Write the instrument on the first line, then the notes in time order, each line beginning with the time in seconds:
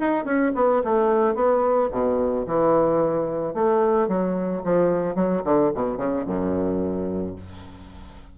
bassoon
0.00 D#4
0.25 C#4
0.56 B3
0.85 A3
1.35 B3
1.92 B2
2.47 E3
3.55 A3
4.09 F#3
4.64 F3
5.16 F#3
5.45 D3
5.75 B2
5.98 C#3
6.27 F#2